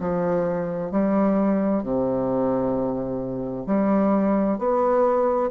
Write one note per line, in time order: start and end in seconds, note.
0.00 0.91 F3
0.91 1.84 G3
1.84 3.67 C3
3.67 4.59 G3
4.59 5.51 B3